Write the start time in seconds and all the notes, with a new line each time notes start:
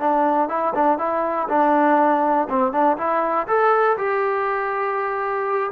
0.00 D4
0.49 E4
0.75 D4
0.98 E4
1.49 D4
2.50 C4
2.73 D4
2.98 E4
3.48 A4
3.98 G4